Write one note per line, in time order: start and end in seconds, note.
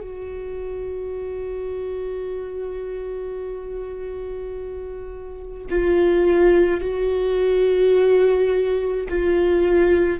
0.00 5.66 F#4
5.70 6.81 F4
6.81 9.07 F#4
9.09 10.20 F4